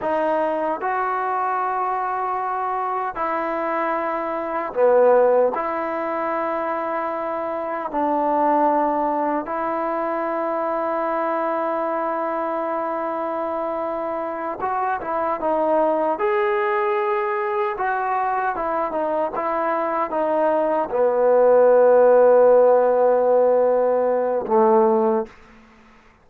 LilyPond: \new Staff \with { instrumentName = "trombone" } { \time 4/4 \tempo 4 = 76 dis'4 fis'2. | e'2 b4 e'4~ | e'2 d'2 | e'1~ |
e'2~ e'8 fis'8 e'8 dis'8~ | dis'8 gis'2 fis'4 e'8 | dis'8 e'4 dis'4 b4.~ | b2. a4 | }